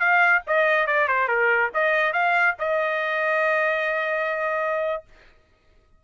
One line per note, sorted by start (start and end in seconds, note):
0.00 0.43 F5
0.47 0.87 D#5
0.87 1.08 D5
1.08 1.28 C5
1.28 1.71 A#4
1.74 2.13 D#5
2.13 2.56 F5
2.59 5.04 D#5